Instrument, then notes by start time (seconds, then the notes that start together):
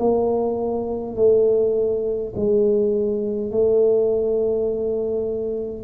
tuba
0.00 A#3
1.16 A3
2.36 G#3
3.51 A3